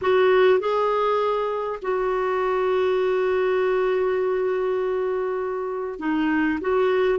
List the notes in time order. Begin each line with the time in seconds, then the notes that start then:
0.01 F#4
0.59 G#4
1.81 F#4
5.99 D#4
6.60 F#4